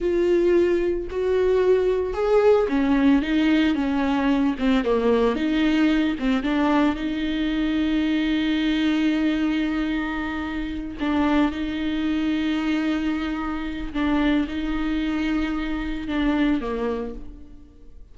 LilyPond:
\new Staff \with { instrumentName = "viola" } { \time 4/4 \tempo 4 = 112 f'2 fis'2 | gis'4 cis'4 dis'4 cis'4~ | cis'8 c'8 ais4 dis'4. c'8 | d'4 dis'2.~ |
dis'1~ | dis'8 d'4 dis'2~ dis'8~ | dis'2 d'4 dis'4~ | dis'2 d'4 ais4 | }